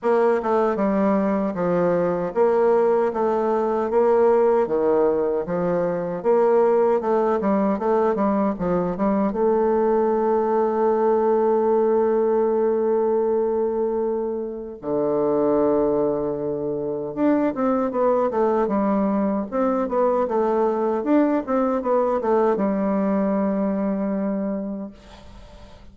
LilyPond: \new Staff \with { instrumentName = "bassoon" } { \time 4/4 \tempo 4 = 77 ais8 a8 g4 f4 ais4 | a4 ais4 dis4 f4 | ais4 a8 g8 a8 g8 f8 g8 | a1~ |
a2. d4~ | d2 d'8 c'8 b8 a8 | g4 c'8 b8 a4 d'8 c'8 | b8 a8 g2. | }